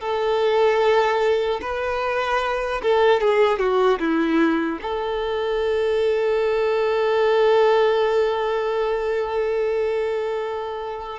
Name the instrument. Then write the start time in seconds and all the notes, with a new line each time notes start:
violin
0.00 A4
1.61 B4
2.82 A4
3.20 G#4
3.59 F#4
4.00 E4
4.82 A4